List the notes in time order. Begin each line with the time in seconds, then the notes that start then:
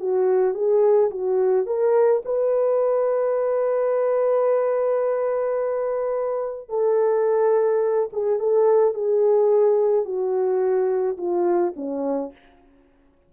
0.00 F#4
0.55 G#4
1.11 F#4
1.67 A#4
2.25 B4
6.70 A4
8.13 G#4
8.40 A4
8.94 G#4
10.05 F#4
11.18 F4
11.77 C#4